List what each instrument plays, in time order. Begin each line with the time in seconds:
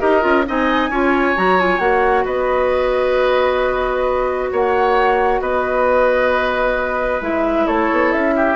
0.00 bassoon D#4, clarinet G4, oboe A#4, flute D#5
0.21 bassoon C#4, clarinet F4
0.46 bassoon C4, clarinet D#4, oboe D#5, flute G#5
0.89 bassoon C#4, clarinet F4, oboe C#5
1.36 bassoon F#3, clarinet F#4, flute A#5
1.59 clarinet F4, flute G#5
1.79 bassoon A#3, clarinet F#4, flute F#5
2.24 bassoon B3, oboe B4, flute D#5
4.52 bassoon A#3, oboe C#5, flute F#5
5.40 bassoon B3, oboe B4, flute D#5
7.21 bassoon G#3, clarinet E4, flute E5
7.66 bassoon A3, oboe A4, flute C#5
7.91 bassoon B3
8.12 bassoon C#4, flute E5
8.36 oboe G4